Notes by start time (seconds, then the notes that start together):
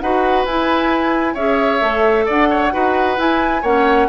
0.00 D#4 F#4 B4 F#5
0.45 E4 G#5
1.34 C#4 G#4 C#5 E5
1.80 A3 A4
2.26 D4 D5 F#5
2.50 C#5
2.72 D#4 F#4 B4
3.17 E4 G#5
3.62 A#3 C#4 C#5 F#5